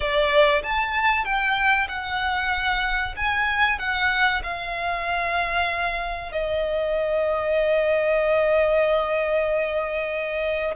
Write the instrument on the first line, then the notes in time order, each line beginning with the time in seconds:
violin
0.00 D5
0.63 A5
1.24 G5
1.88 F#5
3.16 G#5
3.78 F#5
4.43 F5
6.32 D#5